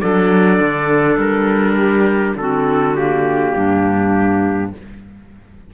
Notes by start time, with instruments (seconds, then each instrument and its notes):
0.00 cello F#3, clarinet D4 A4, trumpet D5
0.59 cello D3
1.16 cello G3, trumpet A#4
1.77 clarinet G4
2.36 cello D3, clarinet C4 F#4, trumpet A4
2.96 clarinet A#3, trumpet G4
3.55 cello G2, clarinet D4